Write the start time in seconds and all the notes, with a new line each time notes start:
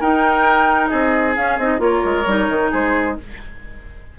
0.00 D#4 A#4 G5
0.87 C4 G#4 D#5
1.36 C#4 F5
1.58 C4 D#4 D#5
1.78 A#3 F4 A#4 C#5
2.04 G#3
2.26 G3 D#4
2.48 D#3
2.71 G#3 G#4 C5